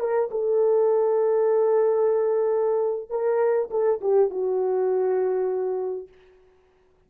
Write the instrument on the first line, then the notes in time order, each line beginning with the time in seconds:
horn
0.00 A#4
0.31 A4
3.10 A#4
3.71 A4
4.01 G4
4.30 F#4